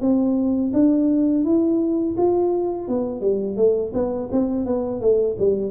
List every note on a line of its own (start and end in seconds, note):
0.00 0.71 C4
0.73 1.44 D4
1.44 2.15 E4
2.17 2.88 F4
2.88 3.20 B3
3.20 3.56 G3
3.56 3.92 A3
3.93 4.29 B3
4.31 4.65 C4
4.65 5.00 B3
5.00 5.36 A3
5.38 5.71 G3